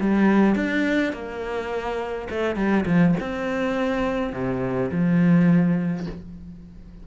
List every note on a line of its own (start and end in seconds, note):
0.00 0.55 G3
0.55 1.12 D4
1.12 2.28 A#3
2.30 2.56 A3
2.56 2.85 G3
2.86 3.14 F3
3.20 4.33 C4
4.33 4.90 C3
4.91 6.07 F3